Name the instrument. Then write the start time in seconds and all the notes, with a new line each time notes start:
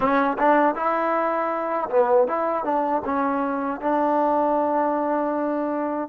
trombone
0.00 C#4
0.38 D4
0.75 E4
1.90 B3
2.27 E4
2.64 D4
3.04 C#4
3.80 D4